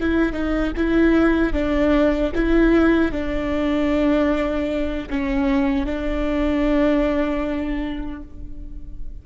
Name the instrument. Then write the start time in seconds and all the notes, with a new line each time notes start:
viola
0.00 E4
0.32 D#4
0.76 E4
1.53 D4
2.35 E4
3.12 D4
5.10 C#4
5.86 D4